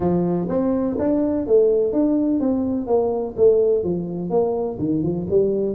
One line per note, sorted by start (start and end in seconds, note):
0.00 0.48 F3
0.48 0.96 C4
0.98 1.46 D4
1.46 1.92 A3
1.92 2.40 D4
2.40 2.87 C4
2.87 3.35 A#3
3.36 3.83 A3
3.83 4.29 F3
4.29 4.77 A#3
4.78 5.02 D#3
5.02 5.26 F3
5.30 5.75 G3